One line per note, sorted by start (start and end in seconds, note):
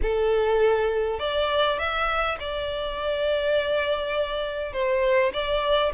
0.01 1.19 A4
1.19 1.78 D5
1.78 2.38 E5
2.39 4.72 D5
4.72 5.32 C5
5.33 5.92 D5